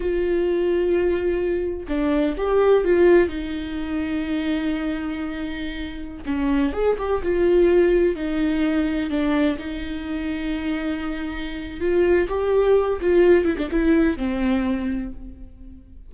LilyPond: \new Staff \with { instrumentName = "viola" } { \time 4/4 \tempo 4 = 127 f'1 | d'4 g'4 f'4 dis'4~ | dis'1~ | dis'4~ dis'16 cis'4 gis'8 g'8 f'8.~ |
f'4~ f'16 dis'2 d'8.~ | d'16 dis'2.~ dis'8.~ | dis'4 f'4 g'4. f'8~ | f'8 e'16 d'16 e'4 c'2 | }